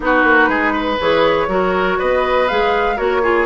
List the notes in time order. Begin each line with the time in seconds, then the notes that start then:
0.00 B3 D#4 F#4 B4
0.23 A#3
0.48 G#3 G#4
0.73 B4
1.00 E3 G#4 C#5
1.47 F#3 F#4 A#4
1.98 B3 B4 D#5
2.48 G#3 G#4 F5
2.96 A#3 F#4 A#4 C#5
3.22 F4 G#4